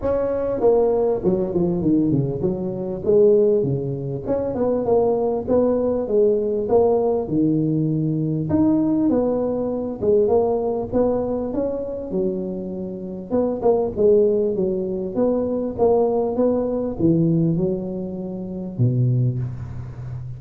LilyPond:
\new Staff \with { instrumentName = "tuba" } { \time 4/4 \tempo 4 = 99 cis'4 ais4 fis8 f8 dis8 cis8 | fis4 gis4 cis4 cis'8 b8 | ais4 b4 gis4 ais4 | dis2 dis'4 b4~ |
b8 gis8 ais4 b4 cis'4 | fis2 b8 ais8 gis4 | fis4 b4 ais4 b4 | e4 fis2 b,4 | }